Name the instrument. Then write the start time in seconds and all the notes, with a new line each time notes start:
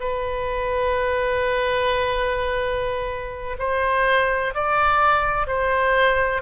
oboe
0.00 B4
3.59 C5
4.55 D5
5.47 C5